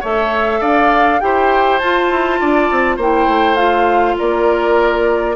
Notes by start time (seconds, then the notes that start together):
0.00 A3 A4 C#5 E5
0.60 D4 D5 F5
1.20 E4 G4 C5 G5
1.78 F4 A5
2.10 E4
2.40 D4 D5
2.70 C4
2.96 A#3 E4 C5 G5
3.27 A3
3.55 F4 F5
4.18 A#3 A#4 D5